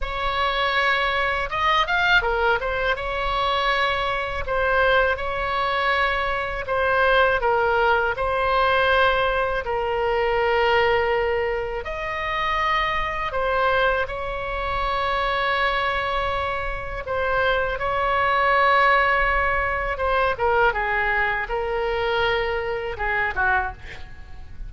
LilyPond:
\new Staff \with { instrumentName = "oboe" } { \time 4/4 \tempo 4 = 81 cis''2 dis''8 f''8 ais'8 c''8 | cis''2 c''4 cis''4~ | cis''4 c''4 ais'4 c''4~ | c''4 ais'2. |
dis''2 c''4 cis''4~ | cis''2. c''4 | cis''2. c''8 ais'8 | gis'4 ais'2 gis'8 fis'8 | }